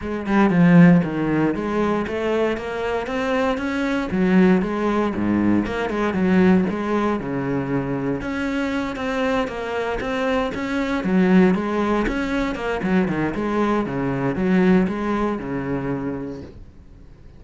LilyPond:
\new Staff \with { instrumentName = "cello" } { \time 4/4 \tempo 4 = 117 gis8 g8 f4 dis4 gis4 | a4 ais4 c'4 cis'4 | fis4 gis4 gis,4 ais8 gis8 | fis4 gis4 cis2 |
cis'4. c'4 ais4 c'8~ | c'8 cis'4 fis4 gis4 cis'8~ | cis'8 ais8 fis8 dis8 gis4 cis4 | fis4 gis4 cis2 | }